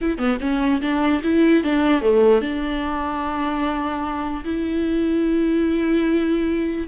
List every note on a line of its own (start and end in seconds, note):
0.01 0.18 E4
0.18 0.38 B3
0.40 0.81 C#4
0.81 1.21 D4
1.23 1.63 E4
1.63 2.01 D4
2.01 2.41 A3
2.41 4.44 D4
4.44 6.87 E4